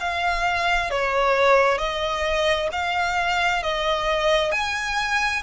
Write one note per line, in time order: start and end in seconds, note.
0.00 0.90 F5
0.90 1.78 C#5
1.78 2.69 D#5
2.72 3.63 F5
3.63 4.52 D#5
4.52 5.43 G#5